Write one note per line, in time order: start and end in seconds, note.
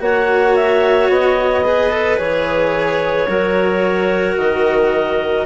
0.00 1.09 A#3
0.00 1.64 F#4
0.00 1.66 C#5
0.00 0.56 F#5
0.56 1.10 E5
1.09 2.18 B3
1.09 2.18 D#5
1.64 1.90 G#4
1.64 3.29 B4
1.90 2.18 A4
2.18 3.28 E3
2.18 3.27 G#4
2.18 4.36 C#5
3.28 4.37 F#3
3.28 5.47 F#4
3.28 5.47 A#4
4.38 5.47 D#3
4.38 5.47 D#5